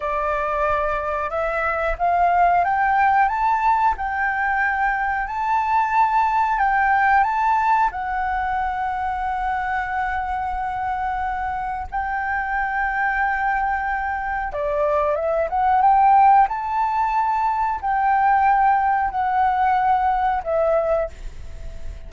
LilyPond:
\new Staff \with { instrumentName = "flute" } { \time 4/4 \tempo 4 = 91 d''2 e''4 f''4 | g''4 a''4 g''2 | a''2 g''4 a''4 | fis''1~ |
fis''2 g''2~ | g''2 d''4 e''8 fis''8 | g''4 a''2 g''4~ | g''4 fis''2 e''4 | }